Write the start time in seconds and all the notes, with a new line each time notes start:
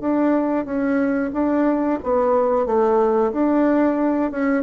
0.00 D4
0.65 C#4
1.33 D4
2.03 B3
2.66 A3
3.32 D4
4.31 C#4